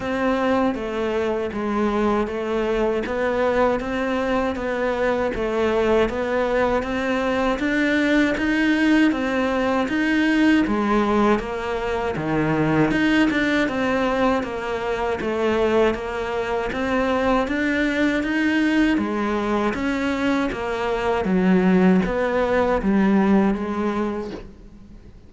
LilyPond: \new Staff \with { instrumentName = "cello" } { \time 4/4 \tempo 4 = 79 c'4 a4 gis4 a4 | b4 c'4 b4 a4 | b4 c'4 d'4 dis'4 | c'4 dis'4 gis4 ais4 |
dis4 dis'8 d'8 c'4 ais4 | a4 ais4 c'4 d'4 | dis'4 gis4 cis'4 ais4 | fis4 b4 g4 gis4 | }